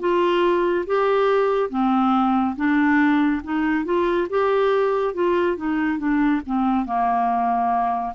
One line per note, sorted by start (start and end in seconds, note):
0.00 0.86 F4
0.86 1.70 G4
1.70 2.56 C4
2.56 3.42 D4
3.44 3.85 D#4
3.85 4.28 F4
4.30 5.14 G4
5.14 5.57 F4
5.57 5.99 D#4
5.99 6.42 D4
6.46 6.86 C4
6.86 8.14 A#3